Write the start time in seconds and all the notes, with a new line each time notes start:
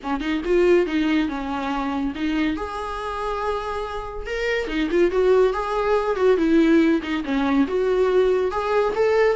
0.03 C#4
0.20 D#4
0.44 F4
0.86 D#4
1.28 C#4
2.15 D#4
2.56 G#4
4.26 A#4
4.67 D#4
4.90 F4
5.11 F#4
5.53 G#4
6.16 F#4
6.37 E4
7.02 D#4
7.24 C#4
7.67 F#4
8.51 G#4
8.95 A4